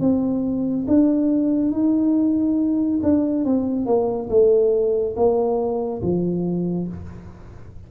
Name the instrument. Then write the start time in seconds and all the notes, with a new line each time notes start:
tuba
0.00 C4
0.87 D4
1.72 D#4
3.03 D4
3.45 C4
3.86 A#3
4.30 A3
5.16 A#3
6.02 F3